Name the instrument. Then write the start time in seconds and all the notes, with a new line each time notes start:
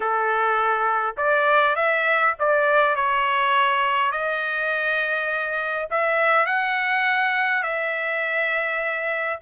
trumpet
0.00 A4
1.17 D5
1.75 E5
2.39 D5
2.95 C#5
4.11 D#5
5.90 E5
6.45 F#5
7.63 E5